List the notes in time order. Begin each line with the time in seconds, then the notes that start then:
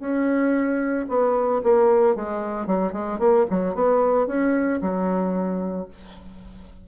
0.00 C#4
1.09 B3
1.63 A#3
2.16 G#3
2.67 F#3
2.93 G#3
3.19 A#3
3.50 F#3
3.75 B3
4.27 C#4
4.81 F#3